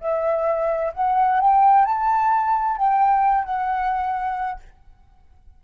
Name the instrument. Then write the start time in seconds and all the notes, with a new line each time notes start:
flute
0.00 E5
0.94 F#5
1.40 G5
1.85 A5
2.77 G5
3.44 F#5